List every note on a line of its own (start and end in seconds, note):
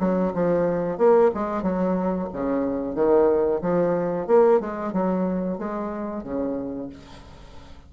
0.00 0.33 F#3
0.34 0.98 F3
0.98 1.31 A#3
1.35 1.63 G#3
1.63 2.29 F#3
2.33 2.95 C#3
2.95 3.61 D#3
3.62 4.28 F3
4.28 4.61 A#3
4.61 4.93 G#3
4.93 5.59 F#3
5.59 6.24 G#3
6.24 6.90 C#3